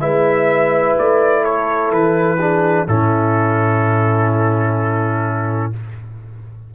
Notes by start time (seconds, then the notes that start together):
0.00 G#3 E4 B4 E5
0.98 A3 D5
1.43 A4 C#5
1.91 E3 B4
2.39 D4 G#4
2.87 A2 C#4 E4 A4